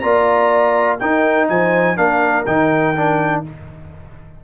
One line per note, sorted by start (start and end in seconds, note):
0.00 1.00 A#3
0.00 0.99 F4
0.00 1.00 D5
0.00 0.97 A#5
1.00 1.50 D#4
1.00 1.97 D#4
1.00 1.49 A#4
1.00 1.48 G5
1.49 1.98 F3
1.49 1.97 C5
1.49 1.97 G#5
1.97 2.47 A#3
1.97 2.45 D4
1.97 3.43 A#4
1.97 2.46 F5
2.46 3.44 D#3
2.46 2.96 D#4
2.46 3.43 G5
2.96 3.44 D4